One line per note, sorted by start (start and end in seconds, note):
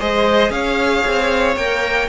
0.00 0.50 G#3
0.00 1.57 G#4
0.00 0.52 C5
0.00 0.52 D#5
0.50 1.02 C#4
0.50 2.09 C#5
0.50 1.56 F5
1.07 1.56 C4
1.56 2.09 A#3
1.56 2.09 A#4
1.56 2.09 G5